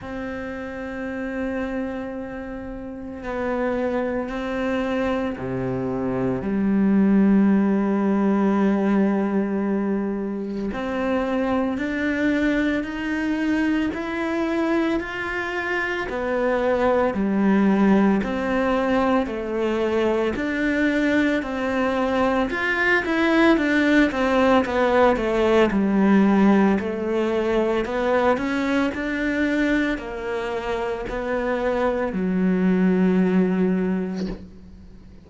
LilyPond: \new Staff \with { instrumentName = "cello" } { \time 4/4 \tempo 4 = 56 c'2. b4 | c'4 c4 g2~ | g2 c'4 d'4 | dis'4 e'4 f'4 b4 |
g4 c'4 a4 d'4 | c'4 f'8 e'8 d'8 c'8 b8 a8 | g4 a4 b8 cis'8 d'4 | ais4 b4 fis2 | }